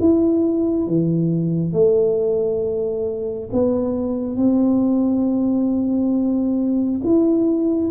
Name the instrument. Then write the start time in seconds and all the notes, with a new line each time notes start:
tuba
0.00 E4
0.87 E3
1.72 A3
3.53 B3
4.36 C4
7.04 E4